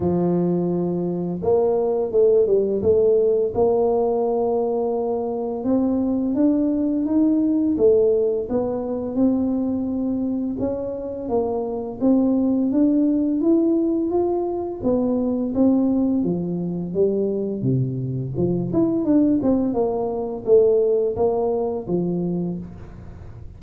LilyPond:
\new Staff \with { instrumentName = "tuba" } { \time 4/4 \tempo 4 = 85 f2 ais4 a8 g8 | a4 ais2. | c'4 d'4 dis'4 a4 | b4 c'2 cis'4 |
ais4 c'4 d'4 e'4 | f'4 b4 c'4 f4 | g4 c4 f8 e'8 d'8 c'8 | ais4 a4 ais4 f4 | }